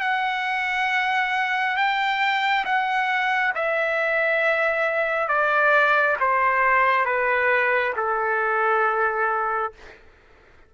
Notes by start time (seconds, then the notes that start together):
0.00 F#5
1.76 G5
2.65 F#5
3.55 E5
5.28 D5
6.20 C5
7.05 B4
7.96 A4